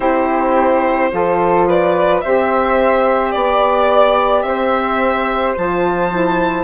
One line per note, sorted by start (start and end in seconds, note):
0.00 1.11 C4
0.00 1.10 E4
0.00 1.11 G4
0.00 1.65 C5
1.10 2.23 F3
1.10 2.21 F4
1.10 1.67 A4
1.67 2.23 B4
1.67 2.20 D5
2.20 3.34 C4
2.20 5.55 G4
2.20 3.33 C5
2.20 3.31 E5
3.31 4.43 B3
3.31 4.42 D5
3.31 4.44 D5
4.42 5.54 C4
4.42 6.64 C5
4.42 5.53 E5
5.55 6.64 F3
5.55 6.11 F4
5.55 6.64 A5
6.11 6.64 E4